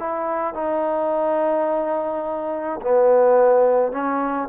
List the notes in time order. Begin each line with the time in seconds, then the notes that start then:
0.00 E4
0.55 D#4
2.82 B3
3.92 C#4